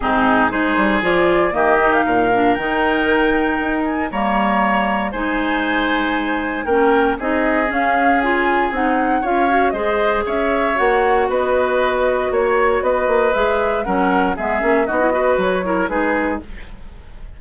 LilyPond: <<
  \new Staff \with { instrumentName = "flute" } { \time 4/4 \tempo 4 = 117 gis'4 c''4 d''4 dis''8. f''16~ | f''4 g''2~ g''8 gis''8 | ais''2 gis''2~ | gis''4 g''4 dis''4 f''4 |
gis''4 fis''4 f''4 dis''4 | e''4 fis''4 dis''2 | cis''4 dis''4 e''4 fis''4 | e''4 dis''4 cis''4 b'4 | }
  \new Staff \with { instrumentName = "oboe" } { \time 4/4 dis'4 gis'2 g'4 | ais'1 | cis''2 c''2~ | c''4 ais'4 gis'2~ |
gis'2 cis''4 c''4 | cis''2 b'2 | cis''4 b'2 ais'4 | gis'4 fis'8 b'4 ais'8 gis'4 | }
  \new Staff \with { instrumentName = "clarinet" } { \time 4/4 c'4 dis'4 f'4 ais8 dis'8~ | dis'8 d'8 dis'2. | ais2 dis'2~ | dis'4 cis'4 dis'4 cis'4 |
f'4 dis'4 f'8 fis'8 gis'4~ | gis'4 fis'2.~ | fis'2 gis'4 cis'4 | b8 cis'8 dis'16 e'16 fis'4 e'8 dis'4 | }
  \new Staff \with { instrumentName = "bassoon" } { \time 4/4 gis,4 gis8 g8 f4 dis4 | ais,4 dis2 dis'4 | g2 gis2~ | gis4 ais4 c'4 cis'4~ |
cis'4 c'4 cis'4 gis4 | cis'4 ais4 b2 | ais4 b8 ais8 gis4 fis4 | gis8 ais8 b4 fis4 gis4 | }
>>